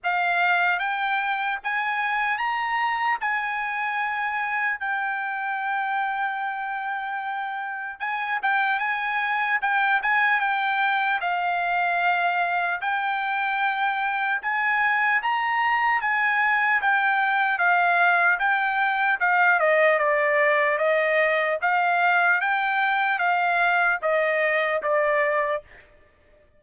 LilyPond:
\new Staff \with { instrumentName = "trumpet" } { \time 4/4 \tempo 4 = 75 f''4 g''4 gis''4 ais''4 | gis''2 g''2~ | g''2 gis''8 g''8 gis''4 | g''8 gis''8 g''4 f''2 |
g''2 gis''4 ais''4 | gis''4 g''4 f''4 g''4 | f''8 dis''8 d''4 dis''4 f''4 | g''4 f''4 dis''4 d''4 | }